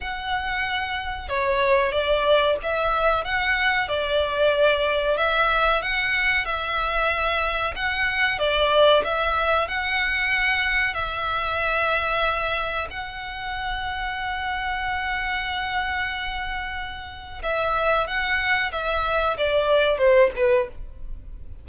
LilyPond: \new Staff \with { instrumentName = "violin" } { \time 4/4 \tempo 4 = 93 fis''2 cis''4 d''4 | e''4 fis''4 d''2 | e''4 fis''4 e''2 | fis''4 d''4 e''4 fis''4~ |
fis''4 e''2. | fis''1~ | fis''2. e''4 | fis''4 e''4 d''4 c''8 b'8 | }